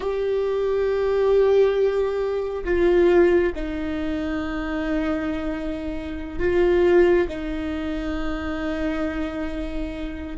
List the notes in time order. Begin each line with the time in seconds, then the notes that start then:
0.00 G4
2.64 F4
3.55 D#4
6.39 F4
7.28 D#4